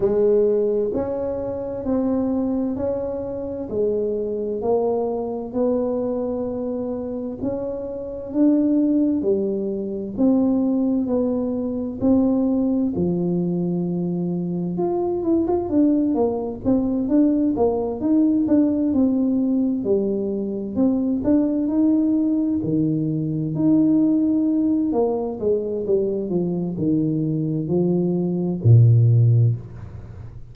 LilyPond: \new Staff \with { instrumentName = "tuba" } { \time 4/4 \tempo 4 = 65 gis4 cis'4 c'4 cis'4 | gis4 ais4 b2 | cis'4 d'4 g4 c'4 | b4 c'4 f2 |
f'8 e'16 f'16 d'8 ais8 c'8 d'8 ais8 dis'8 | d'8 c'4 g4 c'8 d'8 dis'8~ | dis'8 dis4 dis'4. ais8 gis8 | g8 f8 dis4 f4 ais,4 | }